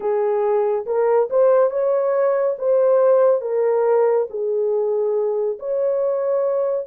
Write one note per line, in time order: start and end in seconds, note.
0.00 0.85 G#4
0.86 1.29 A#4
1.30 1.70 C5
1.70 2.56 C#5
2.58 3.41 C5
3.41 4.27 A#4
4.29 5.58 G#4
5.59 6.86 C#5